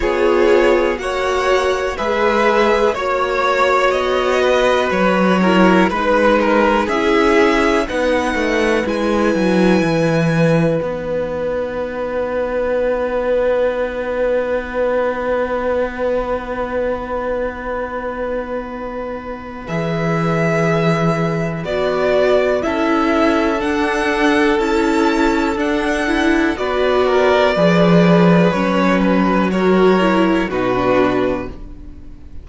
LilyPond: <<
  \new Staff \with { instrumentName = "violin" } { \time 4/4 \tempo 4 = 61 cis''4 fis''4 e''4 cis''4 | dis''4 cis''4 b'4 e''4 | fis''4 gis''2 fis''4~ | fis''1~ |
fis''1 | e''2 d''4 e''4 | fis''4 a''4 fis''4 d''4~ | d''4 cis''8 b'8 cis''4 b'4 | }
  \new Staff \with { instrumentName = "violin" } { \time 4/4 gis'4 cis''4 b'4 cis''4~ | cis''8 b'4 ais'8 b'8 ais'8 gis'4 | b'1~ | b'1~ |
b'1~ | b'2. a'4~ | a'2. b'8 ais'8 | b'2 ais'4 fis'4 | }
  \new Staff \with { instrumentName = "viola" } { \time 4/4 f'4 fis'4 gis'4 fis'4~ | fis'4. e'8 dis'4 e'4 | dis'4 e'2 dis'4~ | dis'1~ |
dis'1 | gis'2 fis'4 e'4 | d'4 e'4 d'8 e'8 fis'4 | gis'4 cis'4 fis'8 e'8 dis'16 d'8. | }
  \new Staff \with { instrumentName = "cello" } { \time 4/4 b4 ais4 gis4 ais4 | b4 fis4 gis4 cis'4 | b8 a8 gis8 fis8 e4 b4~ | b1~ |
b1 | e2 b4 cis'4 | d'4 cis'4 d'4 b4 | f4 fis2 b,4 | }
>>